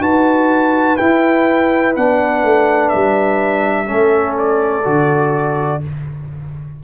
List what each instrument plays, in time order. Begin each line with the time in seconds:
0.00 tuba D#4, trombone F#4, horn B4, trumpet A5
0.97 trombone E4, tuba E4, trumpet G5
1.96 tuba B3, trombone D4, trumpet F#5
2.43 tuba A3
2.89 tuba G3, trumpet E5
3.85 tuba A3, trombone C#4, horn A4
4.38 trumpet D5
4.84 tuba D3, trombone F#4